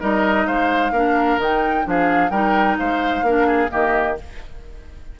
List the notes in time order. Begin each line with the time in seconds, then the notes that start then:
0.00 G3 D#4 A#4 D#5
0.47 G#3 C5 F5
0.91 A#3 D4 A#4
1.38 D#3 D#4 G5
1.84 F3 D4 G#4 F5
2.30 G3 D#4 A#4 G5
2.78 G#3 C5 F5
3.22 A#3 D4 A#4
3.47 G#4
3.69 D#3 A#3 G4 D#5